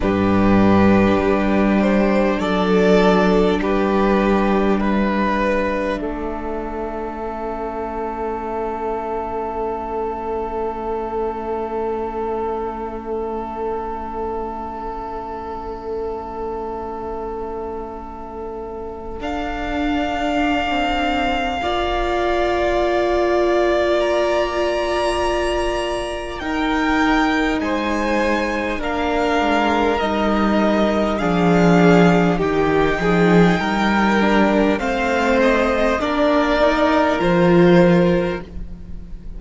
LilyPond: <<
  \new Staff \with { instrumentName = "violin" } { \time 4/4 \tempo 4 = 50 b'4. c''8 d''4 b'4 | e''1~ | e''1~ | e''1 |
f''1 | ais''2 g''4 gis''4 | f''4 dis''4 f''4 g''4~ | g''4 f''8 dis''8 d''4 c''4 | }
  \new Staff \with { instrumentName = "violin" } { \time 4/4 g'2 a'4 g'4 | b'4 a'2.~ | a'1~ | a'1~ |
a'2 d''2~ | d''2 ais'4 c''4 | ais'2 gis'4 g'8 gis'8 | ais'4 c''4 ais'2 | }
  \new Staff \with { instrumentName = "viola" } { \time 4/4 d'1~ | d'2 cis'2~ | cis'1~ | cis'1 |
d'2 f'2~ | f'2 dis'2 | d'4 dis'4 d'4 dis'4~ | dis'8 d'8 c'4 d'8 dis'8 f'4 | }
  \new Staff \with { instrumentName = "cello" } { \time 4/4 g,4 g4 fis4 g4~ | g4 a2.~ | a1~ | a1 |
d'4~ d'16 c'8. ais2~ | ais2 dis'4 gis4 | ais8 gis8 g4 f4 dis8 f8 | g4 a4 ais4 f4 | }
>>